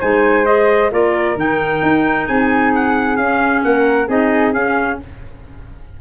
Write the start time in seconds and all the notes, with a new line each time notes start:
0.00 G#3 D#4 C5 G#5
0.45 G#4 D#5
0.91 A#3 F4 A#4 D5
1.36 D#3 D#4 G5
1.82 D#4
2.27 C4 G#4 G#5
2.75 F#5
3.17 C#4 F5
3.63 A#3 A#4 F#5
4.08 C4 D#4 G#4 D#5
4.53 C#4 F5